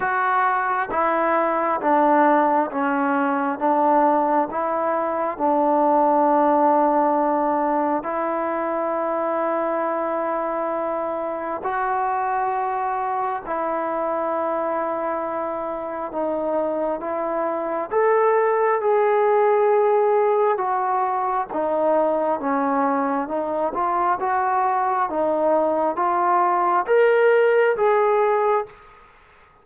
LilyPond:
\new Staff \with { instrumentName = "trombone" } { \time 4/4 \tempo 4 = 67 fis'4 e'4 d'4 cis'4 | d'4 e'4 d'2~ | d'4 e'2.~ | e'4 fis'2 e'4~ |
e'2 dis'4 e'4 | a'4 gis'2 fis'4 | dis'4 cis'4 dis'8 f'8 fis'4 | dis'4 f'4 ais'4 gis'4 | }